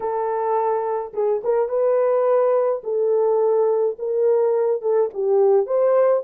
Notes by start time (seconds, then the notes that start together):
0.00 A4
1.13 G#4
1.43 A#4
1.69 B4
2.83 A4
3.99 A#4
4.81 A4
5.13 G4
5.66 C5